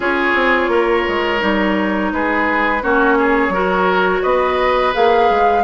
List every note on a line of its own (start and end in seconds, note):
0.00 0.32 C#4
0.00 1.39 F4
0.00 0.70 G#4
0.00 2.12 C#5
0.35 0.68 C4
0.68 1.03 A#3
0.68 2.12 A#4
1.07 1.42 G#3
1.39 2.12 G3
1.39 2.80 D#4
2.12 2.82 G#3
2.12 2.82 G#4
2.12 2.83 B4
2.82 3.49 A#3
2.82 3.52 C#4
2.82 3.18 F#4
2.82 4.22 C#5
3.18 3.53 G#4
3.49 4.19 F#3
3.49 4.93 F#4
3.49 4.22 A#4
4.22 4.94 B3
4.22 5.63 B4
4.22 4.93 D#5
4.93 5.30 A#3
4.93 5.63 G#4
4.93 5.64 F5
5.30 5.64 G#3